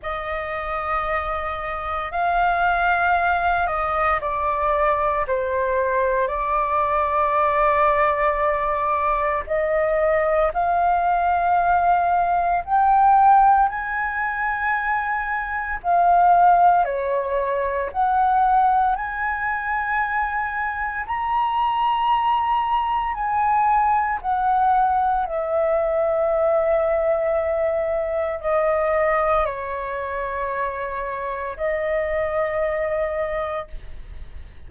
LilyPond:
\new Staff \with { instrumentName = "flute" } { \time 4/4 \tempo 4 = 57 dis''2 f''4. dis''8 | d''4 c''4 d''2~ | d''4 dis''4 f''2 | g''4 gis''2 f''4 |
cis''4 fis''4 gis''2 | ais''2 gis''4 fis''4 | e''2. dis''4 | cis''2 dis''2 | }